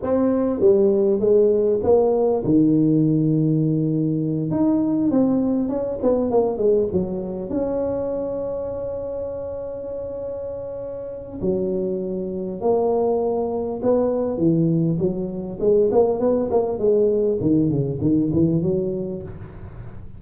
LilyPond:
\new Staff \with { instrumentName = "tuba" } { \time 4/4 \tempo 4 = 100 c'4 g4 gis4 ais4 | dis2.~ dis8 dis'8~ | dis'8 c'4 cis'8 b8 ais8 gis8 fis8~ | fis8 cis'2.~ cis'8~ |
cis'2. fis4~ | fis4 ais2 b4 | e4 fis4 gis8 ais8 b8 ais8 | gis4 dis8 cis8 dis8 e8 fis4 | }